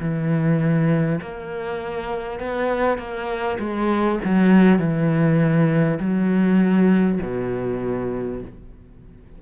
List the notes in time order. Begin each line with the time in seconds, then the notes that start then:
0.00 E3
1.22 A#3
2.39 B3
2.98 A#3
3.59 G#3
4.24 F#3
4.79 E3
5.99 F#3
7.22 B2